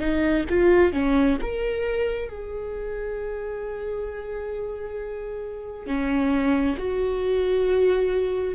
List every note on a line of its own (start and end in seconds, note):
0.00 0.45 D#4
0.50 0.93 F4
0.93 1.38 C#4
1.42 2.30 A#4
2.30 5.87 G#4
5.87 6.77 C#4
6.78 8.55 F#4